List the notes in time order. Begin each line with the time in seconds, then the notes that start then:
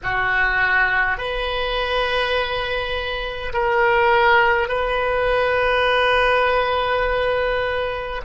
0.03 F#4
1.17 B4
3.53 A#4
4.68 B4